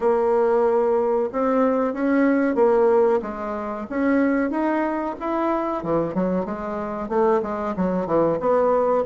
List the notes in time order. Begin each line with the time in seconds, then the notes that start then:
0.00 A#3
1.32 C4
1.93 C#4
2.55 A#3
3.22 G#3
3.89 C#4
4.50 D#4
5.20 E4
5.83 E3
6.14 F#3
6.45 G#3
7.09 A3
7.42 G#3
7.76 F#3
8.06 E3
8.40 B3